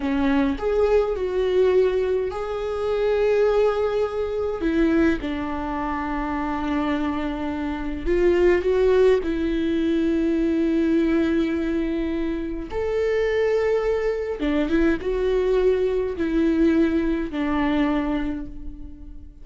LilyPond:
\new Staff \with { instrumentName = "viola" } { \time 4/4 \tempo 4 = 104 cis'4 gis'4 fis'2 | gis'1 | e'4 d'2.~ | d'2 f'4 fis'4 |
e'1~ | e'2 a'2~ | a'4 d'8 e'8 fis'2 | e'2 d'2 | }